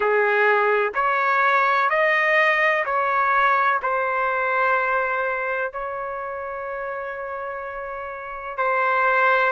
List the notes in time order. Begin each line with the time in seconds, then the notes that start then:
0.00 G#4
0.94 C#5
1.89 D#5
2.85 C#5
3.82 C5
5.72 C#5
8.57 C5